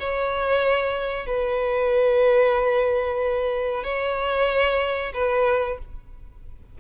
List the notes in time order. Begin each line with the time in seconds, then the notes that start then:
0.00 C#5
1.26 B4
3.84 C#5
5.14 B4